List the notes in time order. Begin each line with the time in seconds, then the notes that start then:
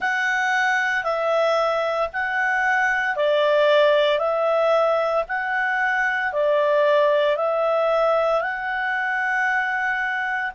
0.00 F#5
1.03 E5
2.12 F#5
3.16 D5
4.18 E5
5.27 F#5
6.33 D5
7.36 E5
8.41 F#5